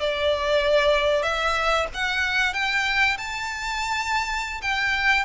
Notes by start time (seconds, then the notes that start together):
0.00 D5
1.23 E5
1.94 F#5
2.54 G5
3.17 A5
4.62 G5